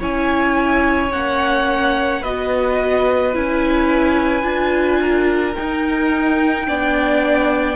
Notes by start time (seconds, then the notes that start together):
0.00 C#4 E4 C#5 G#5
1.12 A#3 C#4 F#5
2.22 B3 F#4 B4 D#5
3.34 C#4 E4 G#5
4.43 D4 F4
5.00 A#4
5.55 D#4 G5
6.67 B3 D4 D5